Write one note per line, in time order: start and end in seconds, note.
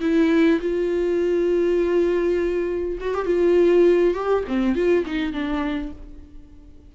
0.00 0.59 E4
0.60 2.98 F4
3.00 3.14 F#4
3.14 3.25 G4
3.25 4.14 F4
4.14 4.43 G4
4.47 4.75 C4
4.75 5.05 F4
5.05 5.32 D#4
5.32 5.92 D4